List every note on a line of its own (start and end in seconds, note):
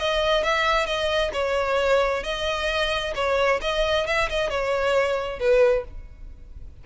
0.00 0.44 D#5
0.44 0.87 E5
0.87 1.32 D#5
1.33 2.24 C#5
2.24 3.14 D#5
3.15 3.60 C#5
3.62 4.07 D#5
4.07 4.30 E5
4.30 4.50 D#5
4.50 5.40 C#5
5.40 5.85 B4